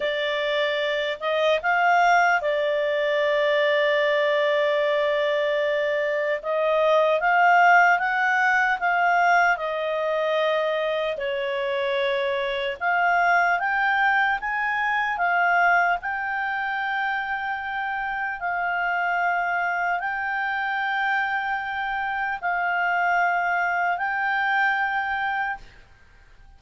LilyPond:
\new Staff \with { instrumentName = "clarinet" } { \time 4/4 \tempo 4 = 75 d''4. dis''8 f''4 d''4~ | d''1 | dis''4 f''4 fis''4 f''4 | dis''2 cis''2 |
f''4 g''4 gis''4 f''4 | g''2. f''4~ | f''4 g''2. | f''2 g''2 | }